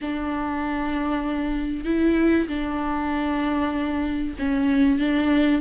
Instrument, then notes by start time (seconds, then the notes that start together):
viola
0.01 D4
1.84 E4
2.48 D4
4.38 C#4
4.99 D4